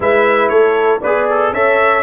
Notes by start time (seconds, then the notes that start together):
0.00 G#3 E4 B4 E5
0.48 A3 A4 C#5
1.01 B3 G#4 B4 D5
1.30 A4
1.52 C#4 A4 C#5 E5